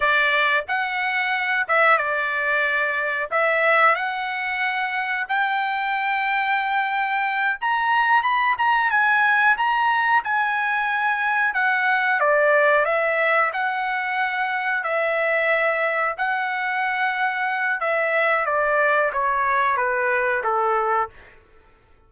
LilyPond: \new Staff \with { instrumentName = "trumpet" } { \time 4/4 \tempo 4 = 91 d''4 fis''4. e''8 d''4~ | d''4 e''4 fis''2 | g''2.~ g''8 ais''8~ | ais''8 b''8 ais''8 gis''4 ais''4 gis''8~ |
gis''4. fis''4 d''4 e''8~ | e''8 fis''2 e''4.~ | e''8 fis''2~ fis''8 e''4 | d''4 cis''4 b'4 a'4 | }